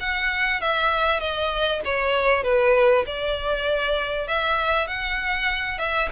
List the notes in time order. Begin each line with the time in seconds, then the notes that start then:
0.00 F#5
0.61 E5
1.20 D#5
1.85 C#5
2.44 B4
3.07 D5
4.28 E5
4.88 F#5
5.78 E5